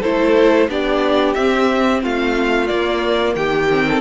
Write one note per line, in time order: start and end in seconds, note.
0.00 0.68 A3
0.00 0.69 E4
0.00 0.67 A4
0.00 0.69 C5
0.68 1.35 B3
0.68 1.36 D4
0.68 2.02 G4
0.68 1.33 D5
1.33 2.67 C4
1.33 2.03 C4
1.33 2.00 E5
2.02 2.70 A3
2.02 3.36 F4
2.02 2.67 F5
2.67 3.67 A#3
2.67 3.35 A#3
2.67 3.33 D5
3.35 4.01 D#3
3.35 3.87 G4
3.35 4.01 G5
3.71 4.01 C4
3.88 4.01 A4